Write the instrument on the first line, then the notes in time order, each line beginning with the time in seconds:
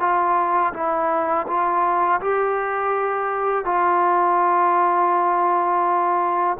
trombone
0.00 F4
0.74 E4
1.48 F4
2.21 G4
3.66 F4